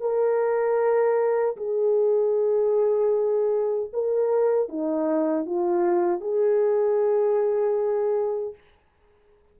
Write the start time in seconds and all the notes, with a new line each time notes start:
0.00 A#4
1.57 G#4
3.93 A#4
4.69 D#4
5.45 F4
6.21 G#4